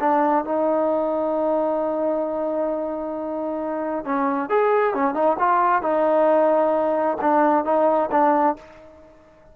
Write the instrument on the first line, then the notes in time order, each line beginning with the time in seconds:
trombone
0.00 D4
0.45 D#4
4.05 C#4
4.50 G#4
4.94 C#4
5.14 D#4
5.39 F4
5.82 D#4
7.21 D4
7.65 D#4
8.11 D4